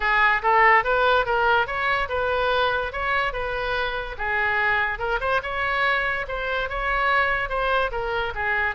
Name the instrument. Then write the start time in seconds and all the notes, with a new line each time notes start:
oboe
0.00 G#4
0.42 A4
0.83 B4
1.25 A#4
1.66 C#5
2.09 B4
2.92 C#5
3.32 B4
4.18 G#4
4.98 A#4
5.20 C5
5.42 C#5
6.28 C5
6.69 C#5
7.49 C5
7.91 A#4
8.34 G#4